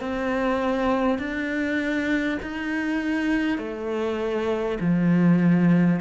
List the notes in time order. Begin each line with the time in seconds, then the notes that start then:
0.00 C4
1.19 D4
2.42 D#4
3.58 A3
4.80 F3